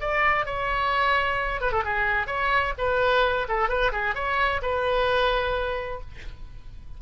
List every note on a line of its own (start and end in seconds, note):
0.00 0.45 D5
0.45 1.60 C#5
1.60 1.72 B4
1.72 1.83 A4
1.84 2.27 G#4
2.27 2.73 C#5
2.78 3.47 B4
3.48 3.68 A4
3.68 3.91 B4
3.92 4.15 G#4
4.15 4.61 C#5
4.62 6.00 B4